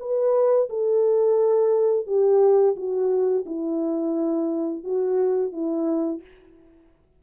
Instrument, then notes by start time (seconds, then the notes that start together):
horn
0.00 B4
0.70 A4
2.07 G4
2.76 F#4
3.46 E4
4.84 F#4
5.53 E4